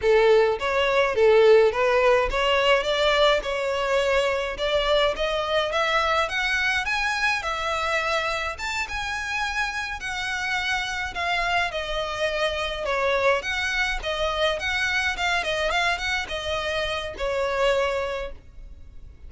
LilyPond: \new Staff \with { instrumentName = "violin" } { \time 4/4 \tempo 4 = 105 a'4 cis''4 a'4 b'4 | cis''4 d''4 cis''2 | d''4 dis''4 e''4 fis''4 | gis''4 e''2 a''8 gis''8~ |
gis''4. fis''2 f''8~ | f''8 dis''2 cis''4 fis''8~ | fis''8 dis''4 fis''4 f''8 dis''8 f''8 | fis''8 dis''4. cis''2 | }